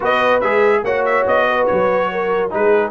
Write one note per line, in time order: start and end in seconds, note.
0.00 0.42 B3
0.00 0.41 F#4
0.00 0.80 B4
0.00 0.40 D#5
0.40 0.83 G#3
0.40 0.85 G#4
0.40 0.82 E5
0.83 1.25 A#3
0.83 2.50 F#4
0.83 1.46 C#5
0.83 1.05 F#5
1.05 1.26 E5
1.26 1.68 B3
1.26 1.66 D#5
1.47 2.10 B4
1.66 2.52 F#3
1.66 2.50 C#5
2.11 2.52 A#4
2.50 2.91 G#3
2.50 2.91 D#4
2.50 2.91 G#4
2.50 2.91 B4